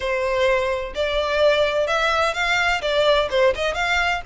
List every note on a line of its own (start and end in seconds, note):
0.00 0.93 C5
0.94 1.87 D5
1.87 2.34 E5
2.34 2.81 F5
2.81 3.28 D5
3.30 3.53 C5
3.55 3.74 D#5
3.74 4.21 F5